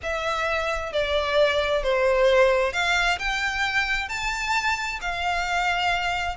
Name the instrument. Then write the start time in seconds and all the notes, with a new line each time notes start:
violin
0.02 E5
0.92 D5
1.83 C5
2.73 F5
3.18 G5
4.08 A5
5.01 F5